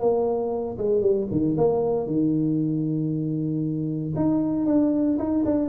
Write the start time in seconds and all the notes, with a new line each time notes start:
0.00 A#3
0.78 G#3
1.02 G3
1.31 D#3
1.58 A#3
2.07 D#3
4.16 D#4
4.66 D4
5.19 D#4
5.45 D4